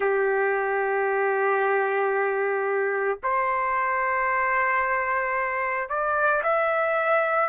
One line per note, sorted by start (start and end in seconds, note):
0.00 3.19 G4
3.23 5.89 C5
5.89 6.42 D5
6.43 7.49 E5